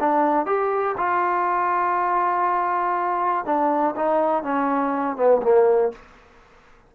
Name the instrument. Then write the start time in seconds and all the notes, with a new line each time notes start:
trombone
0.00 D4
0.46 G4
0.97 F4
3.45 D4
3.96 D#4
4.43 C#4
5.16 B3
5.42 A#3